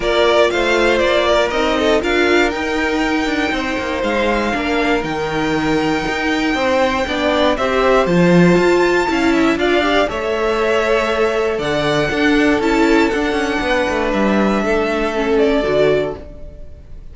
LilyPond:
<<
  \new Staff \with { instrumentName = "violin" } { \time 4/4 \tempo 4 = 119 d''4 f''4 d''4 dis''4 | f''4 g''2. | f''2 g''2~ | g''2. e''4 |
a''2. f''4 | e''2. fis''4~ | fis''4 a''4 fis''2 | e''2~ e''8 d''4. | }
  \new Staff \with { instrumentName = "violin" } { \time 4/4 ais'4 c''4. ais'4 a'8 | ais'2. c''4~ | c''4 ais'2.~ | ais'4 c''4 d''4 c''4~ |
c''2 f''8 e''8 d''4 | cis''2. d''4 | a'2. b'4~ | b'4 a'2. | }
  \new Staff \with { instrumentName = "viola" } { \time 4/4 f'2. dis'4 | f'4 dis'2.~ | dis'4 d'4 dis'2~ | dis'2 d'4 g'4 |
f'2 e'4 f'8 g'8 | a'1 | d'4 e'4 d'2~ | d'2 cis'4 fis'4 | }
  \new Staff \with { instrumentName = "cello" } { \time 4/4 ais4 a4 ais4 c'4 | d'4 dis'4. d'8 c'8 ais8 | gis4 ais4 dis2 | dis'4 c'4 b4 c'4 |
f4 f'4 cis'4 d'4 | a2. d4 | d'4 cis'4 d'8 cis'8 b8 a8 | g4 a2 d4 | }
>>